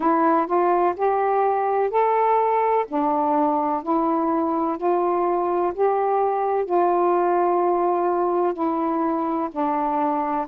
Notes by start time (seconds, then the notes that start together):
0.00 E4
0.46 F4
0.96 G4
1.90 A4
2.87 D4
3.83 E4
4.77 F4
5.74 G4
6.65 F4
8.53 E4
9.51 D4